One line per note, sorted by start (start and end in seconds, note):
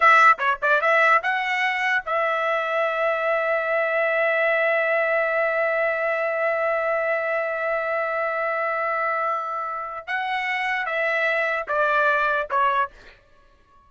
0.00 0.38 E5
0.38 0.58 C#5
0.62 0.81 D5
0.81 1.21 E5
1.23 2.03 F#5
2.05 10.07 E5
10.07 10.86 F#5
10.86 11.66 E5
11.68 12.48 D5
12.50 12.90 C#5